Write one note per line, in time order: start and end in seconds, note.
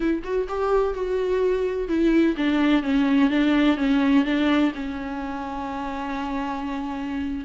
0.00 0.22 E4
0.23 0.47 F#4
0.48 0.93 G4
0.93 1.88 F#4
1.88 2.35 E4
2.36 2.82 D4
2.82 3.30 C#4
3.30 3.77 D4
3.77 4.24 C#4
4.25 4.72 D4
4.75 7.44 C#4